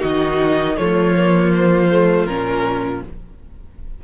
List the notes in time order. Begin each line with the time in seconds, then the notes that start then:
0.00 D#3 D#4 F#4 D#5
0.77 F3 A3 F4 C#5
1.17 A#3
1.54 C5
1.92 A3
2.26 A#2 C#4 A#4